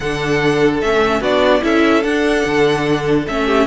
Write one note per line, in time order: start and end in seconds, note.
0.00 0.82 D3
0.00 0.82 D4
0.00 1.20 A4
0.00 0.80 F#5
0.81 1.20 A3
0.81 1.23 C#4
0.81 1.22 E5
1.20 1.61 B3
1.20 1.61 D4
1.20 1.61 F#4
1.20 1.63 D5
1.61 2.03 C#4
1.61 2.02 E4
1.61 3.45 A4
1.61 2.03 E5
2.03 2.44 D4
2.03 3.26 D4
2.03 3.25 F#5
2.45 3.27 D3
3.27 3.67 A3
3.27 3.67 C#4
3.27 3.67 E5
3.45 3.65 G4